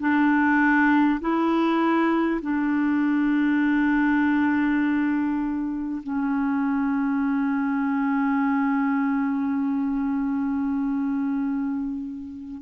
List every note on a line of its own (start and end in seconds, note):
0.00 1.20 D4
1.21 2.41 E4
2.42 6.02 D4
6.03 12.62 C#4